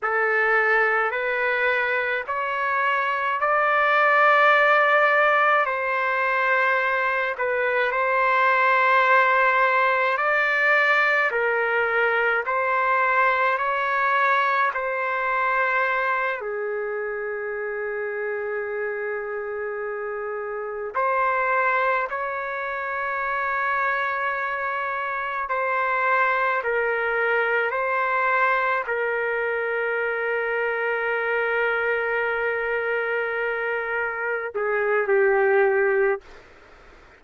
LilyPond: \new Staff \with { instrumentName = "trumpet" } { \time 4/4 \tempo 4 = 53 a'4 b'4 cis''4 d''4~ | d''4 c''4. b'8 c''4~ | c''4 d''4 ais'4 c''4 | cis''4 c''4. gis'4.~ |
gis'2~ gis'8 c''4 cis''8~ | cis''2~ cis''8 c''4 ais'8~ | ais'8 c''4 ais'2~ ais'8~ | ais'2~ ais'8 gis'8 g'4 | }